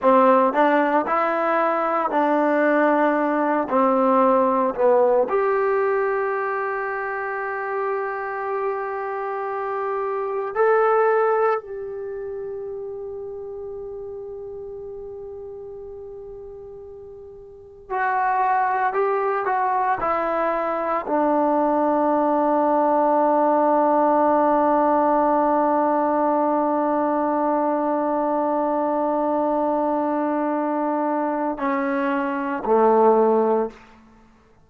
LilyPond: \new Staff \with { instrumentName = "trombone" } { \time 4/4 \tempo 4 = 57 c'8 d'8 e'4 d'4. c'8~ | c'8 b8 g'2.~ | g'2 a'4 g'4~ | g'1~ |
g'4 fis'4 g'8 fis'8 e'4 | d'1~ | d'1~ | d'2 cis'4 a4 | }